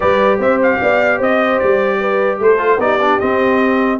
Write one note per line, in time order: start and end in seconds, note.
0.00 0.38 G3
0.00 2.58 G4
0.00 0.39 B4
0.00 0.40 D5
0.38 0.78 C4
0.38 0.79 C5
0.38 0.61 E5
0.62 1.22 F5
0.81 1.20 B3
0.81 1.18 D5
1.18 1.60 C4
1.18 1.98 C5
1.18 1.59 D#5
1.59 2.39 G3
1.59 2.39 D5
2.00 2.40 B4
2.39 2.78 A3
2.39 2.81 A4
2.39 2.80 C5
2.58 2.78 F4
2.78 3.18 B3
2.78 2.99 D#4
2.78 3.99 G4
2.78 3.19 D5
3.01 3.21 D4
3.19 3.99 C4
3.19 3.99 D#5